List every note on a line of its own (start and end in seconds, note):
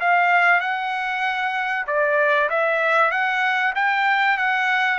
0.00 0.61 F5
0.61 1.86 F#5
1.87 2.50 D5
2.50 3.11 E5
3.11 3.74 F#5
3.76 4.38 G5
4.38 4.99 F#5